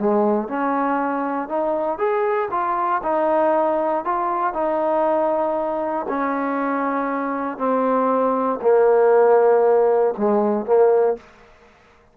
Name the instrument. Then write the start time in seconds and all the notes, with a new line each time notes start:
trombone
0.00 G#3
0.49 C#4
1.49 D#4
1.99 G#4
2.51 F4
3.04 D#4
4.05 F4
4.54 D#4
6.09 C#4
7.58 C4
8.62 A#3
10.18 G#3
10.66 A#3